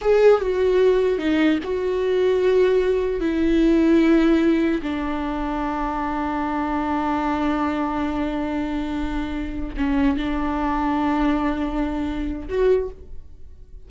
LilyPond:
\new Staff \with { instrumentName = "viola" } { \time 4/4 \tempo 4 = 149 gis'4 fis'2 dis'4 | fis'1 | e'1 | d'1~ |
d'1~ | d'1~ | d'16 cis'4 d'2~ d'8.~ | d'2. fis'4 | }